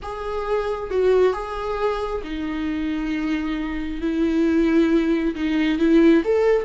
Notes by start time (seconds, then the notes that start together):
0.02 G#4
0.90 F#4
1.33 G#4
2.23 D#4
4.01 E4
5.35 D#4
5.79 E4
6.24 A4